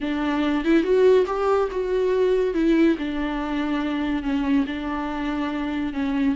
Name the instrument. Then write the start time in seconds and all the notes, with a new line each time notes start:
viola
0.00 D4
0.64 E4
0.83 F#4
1.26 G4
1.71 F#4
2.54 E4
2.98 D4
4.23 C#4
4.66 D4
5.93 C#4